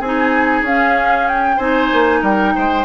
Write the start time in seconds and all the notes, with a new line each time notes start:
0.00 C4 D#4 G#4 G#5
0.62 C#4 F5
1.28 G5
1.57 C4 D#4 C5 G#5
1.93 A#3
2.21 G3 A#4 G5
2.55 G#3 C5